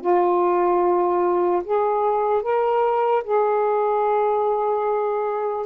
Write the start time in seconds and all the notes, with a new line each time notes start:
0.00 F4
1.64 G#4
2.42 A#4
3.24 G#4